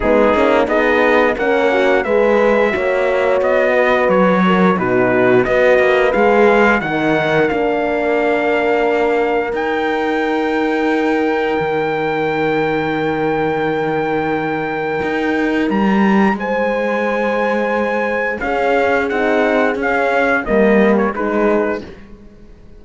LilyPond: <<
  \new Staff \with { instrumentName = "trumpet" } { \time 4/4 \tempo 4 = 88 gis'4 dis''4 fis''4 e''4~ | e''4 dis''4 cis''4 b'4 | dis''4 f''4 fis''4 f''4~ | f''2 g''2~ |
g''1~ | g''2. ais''4 | gis''2. f''4 | fis''4 f''4 dis''8. cis''16 b'4 | }
  \new Staff \with { instrumentName = "horn" } { \time 4/4 dis'4 gis'4 ais'8 fis'8 b'4 | cis''4. b'4 ais'8 fis'4 | b'2 ais'2~ | ais'1~ |
ais'1~ | ais'1 | c''2. gis'4~ | gis'2 ais'4 gis'4 | }
  \new Staff \with { instrumentName = "horn" } { \time 4/4 b8 cis'8 dis'4 cis'4 gis'4 | fis'2. dis'4 | fis'4 gis'4 dis'4 d'4~ | d'2 dis'2~ |
dis'1~ | dis'1~ | dis'2. cis'4 | dis'4 cis'4 ais4 dis'4 | }
  \new Staff \with { instrumentName = "cello" } { \time 4/4 gis8 ais8 b4 ais4 gis4 | ais4 b4 fis4 b,4 | b8 ais8 gis4 dis4 ais4~ | ais2 dis'2~ |
dis'4 dis2.~ | dis2 dis'4 g4 | gis2. cis'4 | c'4 cis'4 g4 gis4 | }
>>